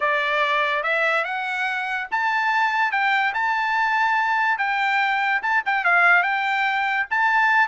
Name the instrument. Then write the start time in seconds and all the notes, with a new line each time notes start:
trumpet
0.00 D5
0.83 E5
1.24 F#5
2.11 A5
2.91 G5
3.34 A5
4.58 G5
5.42 A5
5.65 G5
5.84 F5
6.23 G5
7.10 A5